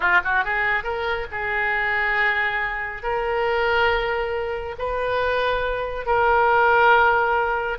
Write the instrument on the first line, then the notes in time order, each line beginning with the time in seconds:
oboe
0.00 F4
0.24 F#4
0.44 G#4
0.83 A#4
1.31 G#4
3.03 A#4
4.78 B4
6.06 A#4